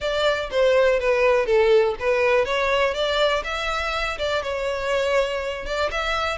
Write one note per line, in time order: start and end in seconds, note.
0.00 0.50 D5
0.50 0.99 C5
0.99 1.46 B4
1.46 1.95 A4
1.99 2.45 B4
2.45 2.94 C#5
2.94 3.43 D5
3.44 4.18 E5
4.18 4.42 D5
4.42 5.65 C#5
5.65 5.90 D5
5.91 6.37 E5